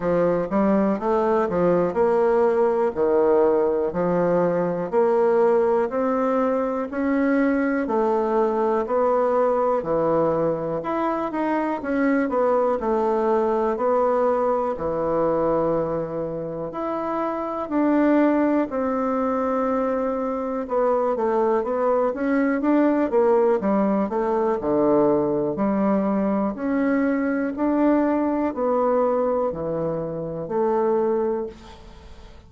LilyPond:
\new Staff \with { instrumentName = "bassoon" } { \time 4/4 \tempo 4 = 61 f8 g8 a8 f8 ais4 dis4 | f4 ais4 c'4 cis'4 | a4 b4 e4 e'8 dis'8 | cis'8 b8 a4 b4 e4~ |
e4 e'4 d'4 c'4~ | c'4 b8 a8 b8 cis'8 d'8 ais8 | g8 a8 d4 g4 cis'4 | d'4 b4 e4 a4 | }